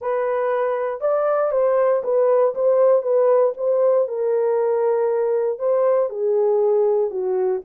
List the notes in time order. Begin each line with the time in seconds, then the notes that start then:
0.01 B4
1.00 D5
1.51 C5
2.03 B4
2.54 C5
3.02 B4
3.57 C5
4.07 A#4
5.58 C5
6.09 G#4
7.10 F#4